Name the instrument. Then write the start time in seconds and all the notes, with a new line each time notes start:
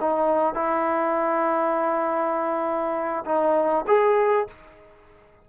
trombone
0.00 D#4
0.54 E4
3.25 D#4
3.87 G#4